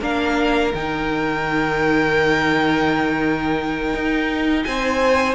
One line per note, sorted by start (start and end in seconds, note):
0.00 0.72 A#3
0.00 0.72 D4
0.00 4.64 A#4
0.00 0.74 F5
0.74 3.93 D#3
0.74 5.35 D#4
0.74 4.63 G5
3.93 4.65 D#4
4.63 5.35 C4
4.63 5.35 C5
4.63 5.35 G#5